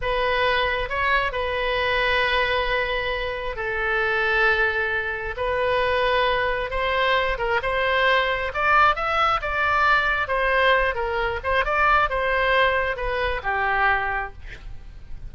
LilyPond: \new Staff \with { instrumentName = "oboe" } { \time 4/4 \tempo 4 = 134 b'2 cis''4 b'4~ | b'1 | a'1 | b'2. c''4~ |
c''8 ais'8 c''2 d''4 | e''4 d''2 c''4~ | c''8 ais'4 c''8 d''4 c''4~ | c''4 b'4 g'2 | }